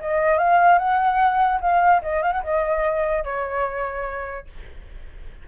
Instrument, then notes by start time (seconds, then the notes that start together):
flute
0.00 D#5
0.38 F5
0.79 F#5
1.61 F5
2.02 D#5
2.23 F5
2.32 F#5
2.44 D#5
3.24 C#5